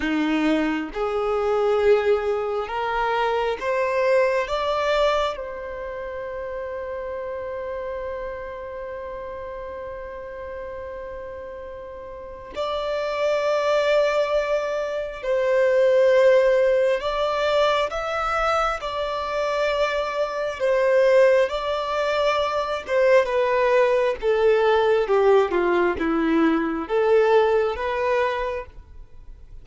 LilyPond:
\new Staff \with { instrumentName = "violin" } { \time 4/4 \tempo 4 = 67 dis'4 gis'2 ais'4 | c''4 d''4 c''2~ | c''1~ | c''2 d''2~ |
d''4 c''2 d''4 | e''4 d''2 c''4 | d''4. c''8 b'4 a'4 | g'8 f'8 e'4 a'4 b'4 | }